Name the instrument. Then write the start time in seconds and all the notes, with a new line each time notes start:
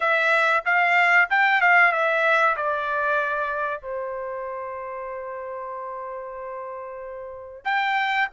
trumpet
0.00 E5
0.65 F5
1.30 G5
1.61 F5
1.92 E5
2.56 D5
3.81 C5
7.64 G5